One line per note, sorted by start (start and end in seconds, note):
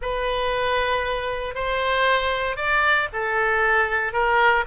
0.01 1.54 B4
1.54 2.56 C5
2.56 3.08 D5
3.12 4.12 A4
4.12 4.64 A#4